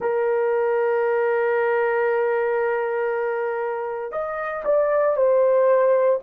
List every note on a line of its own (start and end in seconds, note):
0.00 4.11 A#4
4.11 4.63 D#5
4.65 5.16 D5
5.16 6.19 C5